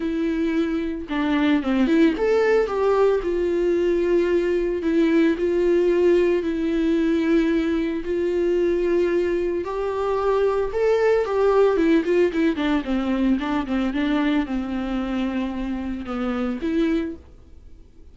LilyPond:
\new Staff \with { instrumentName = "viola" } { \time 4/4 \tempo 4 = 112 e'2 d'4 c'8 e'8 | a'4 g'4 f'2~ | f'4 e'4 f'2 | e'2. f'4~ |
f'2 g'2 | a'4 g'4 e'8 f'8 e'8 d'8 | c'4 d'8 c'8 d'4 c'4~ | c'2 b4 e'4 | }